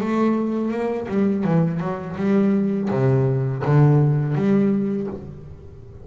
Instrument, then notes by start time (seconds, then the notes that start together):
double bass
0.00 A3
0.71 A#3
1.08 G3
1.44 E3
1.80 F#3
2.16 G3
2.90 C3
3.64 D3
4.35 G3